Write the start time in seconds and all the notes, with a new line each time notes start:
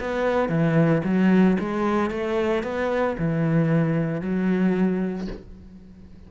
0.00 B3
0.49 E3
1.05 F#3
1.60 G#3
2.11 A3
2.63 B3
3.19 E3
4.21 F#3